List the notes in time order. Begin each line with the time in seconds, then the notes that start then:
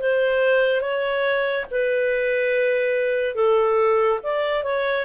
0.00 C5
0.81 C#5
1.71 B4
3.35 A4
4.23 D5
4.63 C#5